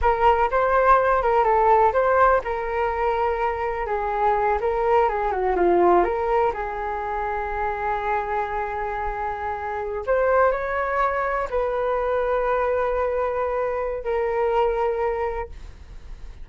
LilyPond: \new Staff \with { instrumentName = "flute" } { \time 4/4 \tempo 4 = 124 ais'4 c''4. ais'8 a'4 | c''4 ais'2. | gis'4. ais'4 gis'8 fis'8 f'8~ | f'8 ais'4 gis'2~ gis'8~ |
gis'1~ | gis'8. c''4 cis''2 b'16~ | b'1~ | b'4 ais'2. | }